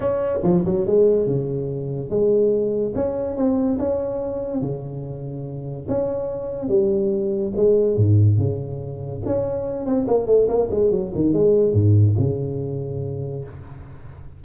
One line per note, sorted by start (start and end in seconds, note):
0.00 0.39 C#4
0.43 0.64 F3
0.65 0.86 F#3
0.86 1.26 G#3
1.26 2.09 C#3
2.09 2.93 G#3
2.95 3.36 C#4
3.36 3.78 C4
3.78 4.61 C#4
4.61 5.87 C#3
5.88 6.68 C#4
6.68 7.52 G3
7.55 7.96 G#3
7.96 8.37 G#2
8.37 9.21 C#3
9.25 9.85 C#4
9.85 10.06 C4
10.07 10.26 A#3
10.26 10.47 A3
10.48 10.69 A#3
10.71 10.91 G#3
10.91 11.12 F#3
11.14 11.33 D#3
11.33 11.73 G#3
11.73 12.15 G#2
12.18 13.44 C#3